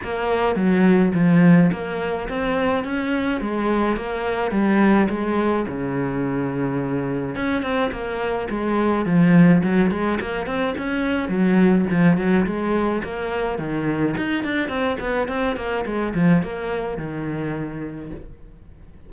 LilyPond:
\new Staff \with { instrumentName = "cello" } { \time 4/4 \tempo 4 = 106 ais4 fis4 f4 ais4 | c'4 cis'4 gis4 ais4 | g4 gis4 cis2~ | cis4 cis'8 c'8 ais4 gis4 |
f4 fis8 gis8 ais8 c'8 cis'4 | fis4 f8 fis8 gis4 ais4 | dis4 dis'8 d'8 c'8 b8 c'8 ais8 | gis8 f8 ais4 dis2 | }